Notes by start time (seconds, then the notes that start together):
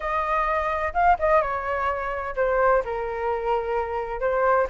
0.00 D#5
0.93 F5
1.19 D#5
1.41 C#5
2.36 C5
2.84 A#4
4.20 C5